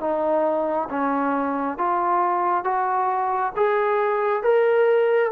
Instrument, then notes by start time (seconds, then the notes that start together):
trombone
0.00 D#4
0.89 C#4
1.77 F4
2.64 F#4
3.56 G#4
4.43 A#4